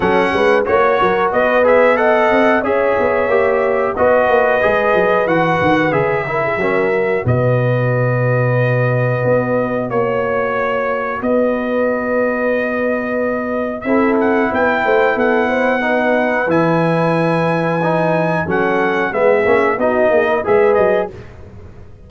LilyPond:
<<
  \new Staff \with { instrumentName = "trumpet" } { \time 4/4 \tempo 4 = 91 fis''4 cis''4 dis''8 e''8 fis''4 | e''2 dis''2 | fis''4 e''2 dis''4~ | dis''2. cis''4~ |
cis''4 dis''2.~ | dis''4 e''8 fis''8 g''4 fis''4~ | fis''4 gis''2. | fis''4 e''4 dis''4 e''8 dis''8 | }
  \new Staff \with { instrumentName = "horn" } { \time 4/4 a'8 b'8 cis''8 ais'8 b'4 dis''4 | cis''2 b'2~ | b'4. ais'16 gis'16 ais'4 b'4~ | b'2. cis''4~ |
cis''4 b'2.~ | b'4 a'4 b'8 c''8 a'8 c''8 | b'1 | a'4 gis'4 fis'8 gis'16 ais'16 b'4 | }
  \new Staff \with { instrumentName = "trombone" } { \time 4/4 cis'4 fis'4. gis'8 a'4 | gis'4 g'4 fis'4 gis'4 | fis'4 gis'8 e'8 cis'8 fis'4.~ | fis'1~ |
fis'1~ | fis'4 e'2. | dis'4 e'2 dis'4 | cis'4 b8 cis'8 dis'4 gis'4 | }
  \new Staff \with { instrumentName = "tuba" } { \time 4/4 fis8 gis8 ais8 fis8 b4. c'8 | cis'8 b8 ais4 b8 ais8 gis8 fis8 | e8 dis8 cis4 fis4 b,4~ | b,2 b4 ais4~ |
ais4 b2.~ | b4 c'4 b8 a8 b4~ | b4 e2. | fis4 gis8 ais8 b8 ais8 gis8 fis8 | }
>>